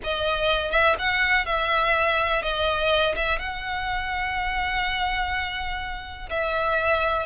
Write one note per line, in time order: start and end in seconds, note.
0.03 0.71 D#5
0.71 0.95 E5
0.98 1.45 F#5
1.45 2.42 E5
2.42 3.15 D#5
3.15 3.38 E5
3.38 6.29 F#5
6.29 7.26 E5